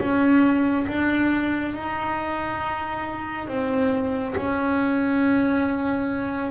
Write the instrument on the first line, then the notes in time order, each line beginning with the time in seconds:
double bass
0.00 C#4
0.88 D4
1.75 D#4
3.48 C4
4.36 C#4